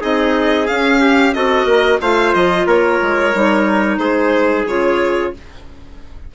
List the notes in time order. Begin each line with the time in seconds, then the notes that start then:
0.00 C4 D#4 G#4 D#5
0.67 C#4 F5
1.00 G4
1.33 C4 F#4 A4 D#5
1.65 A#3 A#4
2.01 A3 F4 C5 F5
2.34 F3 D#5
2.66 A#3 A#4 C#5
3.01 G#3
3.34 G3 D#4
3.98 G#3 G#4 C5
4.66 C#3 F4 C#5